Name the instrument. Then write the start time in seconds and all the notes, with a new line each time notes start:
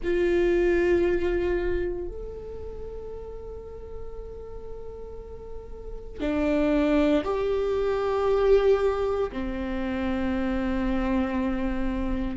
viola
0.03 F4
2.07 A4
6.20 D4
7.24 G4
9.32 C4